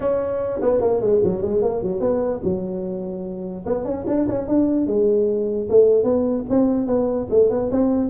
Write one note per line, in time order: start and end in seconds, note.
0.00 0.60 C#4
0.61 0.80 B3
0.80 1.00 A#3
1.00 1.21 G#3
1.23 1.42 F#3
1.42 1.62 G#3
1.62 1.82 A#3
1.82 2.00 F#3
2.00 2.40 B3
2.43 3.65 F#3
3.66 3.84 B3
3.84 4.04 C#4
4.06 4.27 D4
4.28 4.47 C#4
4.47 4.86 D4
4.86 5.68 G#3
5.69 6.03 A3
6.03 6.44 B3
6.49 6.87 C4
6.87 7.27 B3
7.30 7.50 A3
7.50 7.70 B3
7.71 8.10 C4